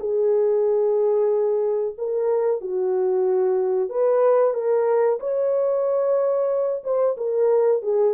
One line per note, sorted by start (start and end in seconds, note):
0.00 1.96 G#4
1.98 2.61 A#4
2.61 3.90 F#4
3.90 4.54 B4
4.54 5.19 A#4
5.20 6.83 C#5
6.84 7.17 C5
7.17 7.82 A#4
7.83 8.14 G#4